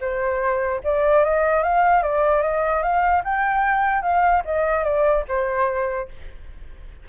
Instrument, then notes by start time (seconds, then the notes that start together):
flute
0.00 C5
0.84 D5
1.24 D#5
1.63 F5
2.02 D5
2.42 D#5
2.82 F5
3.24 G5
4.02 F5
4.45 D#5
4.84 D5
5.28 C5